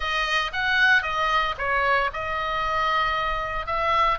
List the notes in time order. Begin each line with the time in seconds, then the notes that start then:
0.00 D#5
0.52 F#5
1.02 D#5
1.58 C#5
2.13 D#5
3.66 E5